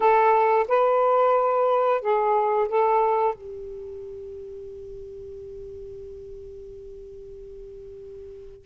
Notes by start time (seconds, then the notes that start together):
0.00 A4
0.68 B4
2.01 G#4
2.68 A4
3.34 G4